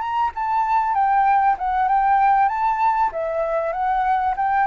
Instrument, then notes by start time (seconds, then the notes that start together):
flute
0.00 A#5
0.35 A5
0.94 G5
1.58 F#5
1.88 G5
2.49 A5
3.12 E5
3.73 F#5
4.37 G5